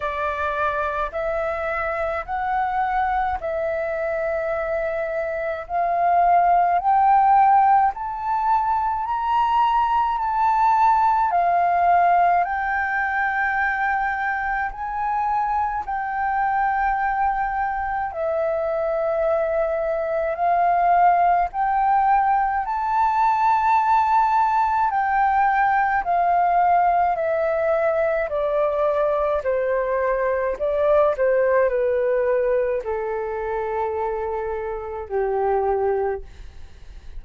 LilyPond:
\new Staff \with { instrumentName = "flute" } { \time 4/4 \tempo 4 = 53 d''4 e''4 fis''4 e''4~ | e''4 f''4 g''4 a''4 | ais''4 a''4 f''4 g''4~ | g''4 gis''4 g''2 |
e''2 f''4 g''4 | a''2 g''4 f''4 | e''4 d''4 c''4 d''8 c''8 | b'4 a'2 g'4 | }